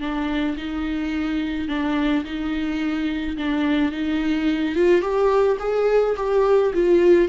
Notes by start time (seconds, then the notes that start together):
0.00 D4
0.57 D#4
1.68 D4
2.24 D#4
3.37 D4
3.92 D#4
4.75 F4
5.01 G4
5.59 G#4
6.17 G4
6.73 F4